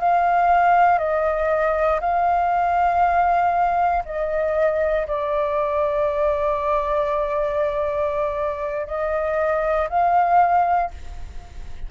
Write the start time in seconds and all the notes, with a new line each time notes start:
0.00 F5
0.99 D#5
2.01 F5
4.05 D#5
5.08 D5
8.87 D#5
9.89 F5